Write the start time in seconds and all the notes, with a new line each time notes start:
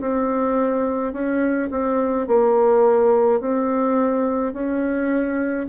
0.00 C4
1.12 C#4
1.70 C4
2.27 A#3
3.40 C4
4.53 C#4